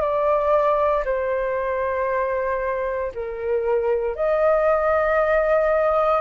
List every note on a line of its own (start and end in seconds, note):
0.00 1.03 D5
1.04 3.11 C5
3.14 4.15 A#4
4.15 6.21 D#5